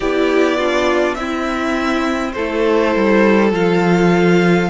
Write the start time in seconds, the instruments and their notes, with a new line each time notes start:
0.00 cello B3, viola E4, violin G4 D5
0.56 viola D4, violin F4
1.14 cello C4, viola C4, violin E4 E5
2.32 cello A3, viola E4, violin A4 C5
2.95 cello G3
3.52 cello F3, viola F4, violin F5